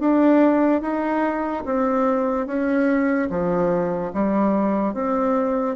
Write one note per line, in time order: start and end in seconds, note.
0.00 0.81 D4
0.81 1.64 D#4
1.65 2.47 C4
2.47 3.29 C#4
3.30 4.12 F3
4.14 4.94 G3
4.94 5.76 C4